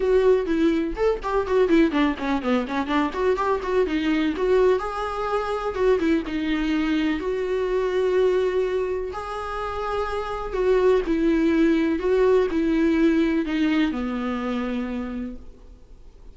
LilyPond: \new Staff \with { instrumentName = "viola" } { \time 4/4 \tempo 4 = 125 fis'4 e'4 a'8 g'8 fis'8 e'8 | d'8 cis'8 b8 cis'8 d'8 fis'8 g'8 fis'8 | dis'4 fis'4 gis'2 | fis'8 e'8 dis'2 fis'4~ |
fis'2. gis'4~ | gis'2 fis'4 e'4~ | e'4 fis'4 e'2 | dis'4 b2. | }